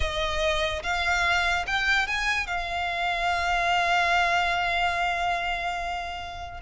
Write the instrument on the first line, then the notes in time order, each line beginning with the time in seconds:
violin
0.00 D#5
0.83 F5
1.67 G5
2.07 G#5
2.46 F5